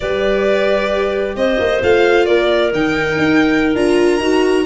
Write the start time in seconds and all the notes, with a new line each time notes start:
0.00 G3 G4 B4 D5
1.36 C4 C5 D#5
1.59 A#3
1.81 A3 F4 F5
2.25 A#3 A#4 D5
2.72 D#3 D#4 G5
3.18 D#4
3.75 D4 F4 A#5
4.19 D#4 F#4